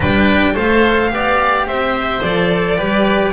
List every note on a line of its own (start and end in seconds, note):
0.00 0.55 G3
0.00 0.54 D4
0.00 0.53 B4
0.00 0.56 G5
0.54 1.11 A3
0.54 1.09 A4
0.54 1.10 C5
0.54 1.67 F5
1.09 1.66 B3
1.09 2.20 G4
1.09 1.67 D5
1.67 2.23 C4
1.67 2.77 C5
1.67 2.22 E5
2.22 2.78 F3
2.22 2.77 A4
2.22 3.33 D5
2.77 3.33 G3
2.77 3.33 G4
2.77 3.33 B4